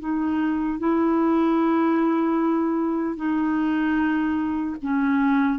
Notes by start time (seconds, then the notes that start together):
0.00 D#4
0.79 E4
3.17 D#4
4.82 C#4